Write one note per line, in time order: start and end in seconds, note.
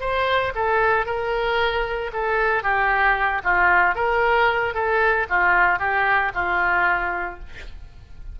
0.00 0.53 C5
0.55 1.06 A4
1.06 2.11 A#4
2.13 2.63 A4
2.63 3.42 G4
3.44 3.95 F4
3.95 4.74 A#4
4.74 5.27 A4
5.29 5.79 F4
5.79 6.32 G4
6.34 7.39 F4